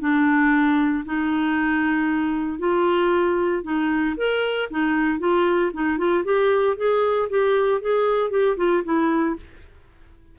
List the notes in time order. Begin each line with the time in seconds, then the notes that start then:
0.00 D4
1.05 D#4
2.58 F4
3.63 D#4
4.17 A#4
4.70 D#4
5.19 F4
5.73 D#4
5.98 F4
6.24 G4
6.76 G#4
7.29 G4
7.81 G#4
8.30 G4
8.57 F4
8.84 E4